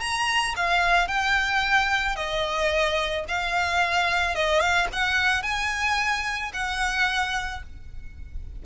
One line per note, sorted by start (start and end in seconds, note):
0.00 0.55 A#5
0.56 1.07 F5
1.07 2.16 G5
2.16 3.25 D#5
3.28 4.35 F5
4.35 4.60 D#5
4.60 4.87 F5
4.92 5.42 F#5
5.42 6.52 G#5
6.53 7.62 F#5